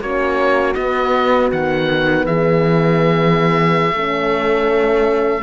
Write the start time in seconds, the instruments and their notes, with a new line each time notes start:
0.00 cello A#3, horn C#4 F#4, oboe C#5
0.75 horn B3, cello B3, oboe D#5
1.52 cello D#3, oboe F#5
2.26 cello E3, horn G#4, oboe E5
3.92 cello A3, horn C#4 A4